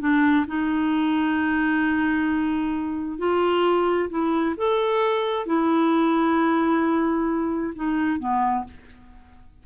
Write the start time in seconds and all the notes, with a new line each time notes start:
0.00 D4
0.47 D#4
3.18 F4
4.10 E4
4.57 A4
5.46 E4
7.75 D#4
8.19 B3